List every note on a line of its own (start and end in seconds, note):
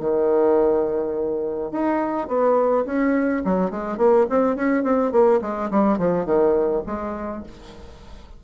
0.00 1.71 D#3
1.71 2.28 D#4
2.28 2.85 B3
2.85 3.43 C#4
3.45 3.71 F#3
3.71 3.98 G#3
3.98 4.26 A#3
4.30 4.56 C4
4.56 4.84 C#4
4.84 5.12 C4
5.12 5.40 A#3
5.42 5.70 G#3
5.71 5.98 G3
5.98 6.25 F3
6.25 6.83 D#3
6.86 7.44 G#3